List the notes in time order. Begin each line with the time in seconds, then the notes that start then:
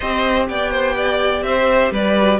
0.00 C4 G4 C5 D#5
0.48 B3 D5 G5
0.70 C5
0.96 D5
1.42 C4 C5 E5
1.91 G3 B4 D5
2.20 F#4